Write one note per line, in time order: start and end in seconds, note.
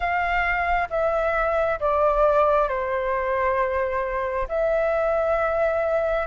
0.00 0.88 F5
0.90 1.79 E5
1.80 2.68 D5
2.68 4.47 C5
4.48 6.26 E5